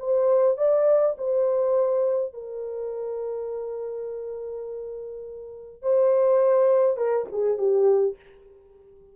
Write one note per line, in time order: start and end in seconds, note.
0.00 0.58 C5
0.58 1.16 D5
1.18 2.34 C5
2.34 5.83 A#4
5.83 6.97 C5
6.97 7.27 A#4
7.32 7.58 G#4
7.58 8.16 G4